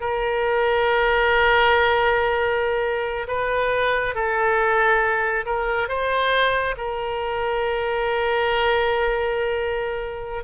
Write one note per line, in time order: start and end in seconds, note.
0.00 3.26 A#4
3.27 4.14 B4
4.15 5.45 A4
5.45 5.88 A#4
5.88 6.75 C5
6.77 10.43 A#4